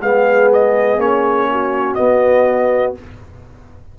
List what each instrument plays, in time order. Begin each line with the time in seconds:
0.00 tuba G#3, trombone B3, horn G#4, trumpet F5
0.52 trumpet D#5
0.96 tuba A#3, trombone C#4, trumpet C#5
1.51 horn F#4
1.94 trombone B3, tuba B3, trumpet D#5